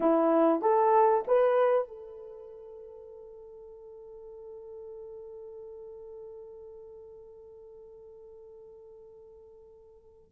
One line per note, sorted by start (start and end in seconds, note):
0.00 0.61 E4
0.61 1.24 A4
1.27 1.88 B4
1.88 10.32 A4